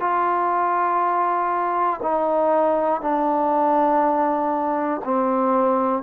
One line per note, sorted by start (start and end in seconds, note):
0.00 2.00 F4
2.03 3.01 D#4
3.01 5.01 D4
5.05 6.03 C4